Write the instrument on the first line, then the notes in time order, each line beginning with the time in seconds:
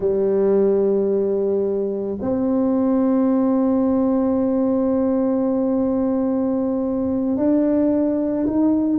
tuba
0.00 G3
2.21 C4
7.36 D4
8.46 D#4